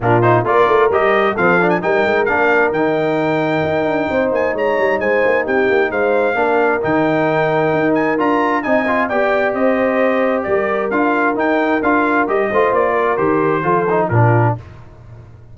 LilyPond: <<
  \new Staff \with { instrumentName = "trumpet" } { \time 4/4 \tempo 4 = 132 ais'8 c''8 d''4 dis''4 f''8. gis''16 | g''4 f''4 g''2~ | g''4. gis''8 ais''4 gis''4 | g''4 f''2 g''4~ |
g''4. gis''8 ais''4 gis''4 | g''4 dis''2 d''4 | f''4 g''4 f''4 dis''4 | d''4 c''2 ais'4 | }
  \new Staff \with { instrumentName = "horn" } { \time 4/4 f'4 ais'2 a'4 | ais'1~ | ais'4 c''4 cis''4 c''4 | g'4 c''4 ais'2~ |
ais'2. dis''4 | d''4 c''2 ais'4~ | ais'2.~ ais'8 c''8~ | c''8 ais'4. a'4 f'4 | }
  \new Staff \with { instrumentName = "trombone" } { \time 4/4 d'8 dis'8 f'4 g'4 c'8 d'8 | dis'4 d'4 dis'2~ | dis'1~ | dis'2 d'4 dis'4~ |
dis'2 f'4 dis'8 f'8 | g'1 | f'4 dis'4 f'4 g'8 f'8~ | f'4 g'4 f'8 dis'8 d'4 | }
  \new Staff \with { instrumentName = "tuba" } { \time 4/4 ais,4 ais8 a8 g4 f4 | g8 gis8 ais4 dis2 | dis'8 d'8 c'8 ais8 gis8 g8 gis8 ais8 | c'8 ais8 gis4 ais4 dis4~ |
dis4 dis'4 d'4 c'4 | b4 c'2 g4 | d'4 dis'4 d'4 g8 a8 | ais4 dis4 f4 ais,4 | }
>>